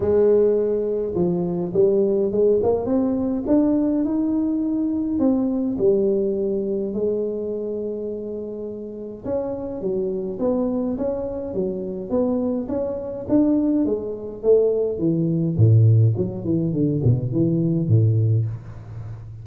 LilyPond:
\new Staff \with { instrumentName = "tuba" } { \time 4/4 \tempo 4 = 104 gis2 f4 g4 | gis8 ais8 c'4 d'4 dis'4~ | dis'4 c'4 g2 | gis1 |
cis'4 fis4 b4 cis'4 | fis4 b4 cis'4 d'4 | gis4 a4 e4 a,4 | fis8 e8 d8 b,8 e4 a,4 | }